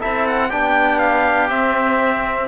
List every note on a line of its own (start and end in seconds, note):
0.00 0.53 C4
0.00 0.51 E4
0.00 0.49 A4
0.00 0.26 E5
0.27 0.51 F#5
0.49 1.51 B3
0.49 1.50 D4
0.49 2.49 G4
0.49 0.99 G5
0.99 1.49 F5
1.49 2.49 C4
1.49 2.49 E5